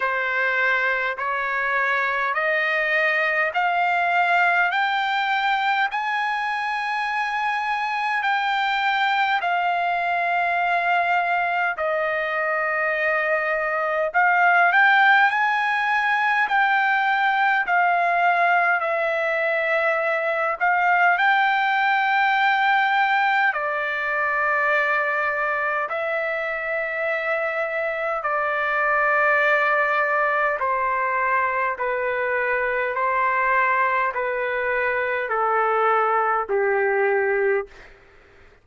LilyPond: \new Staff \with { instrumentName = "trumpet" } { \time 4/4 \tempo 4 = 51 c''4 cis''4 dis''4 f''4 | g''4 gis''2 g''4 | f''2 dis''2 | f''8 g''8 gis''4 g''4 f''4 |
e''4. f''8 g''2 | d''2 e''2 | d''2 c''4 b'4 | c''4 b'4 a'4 g'4 | }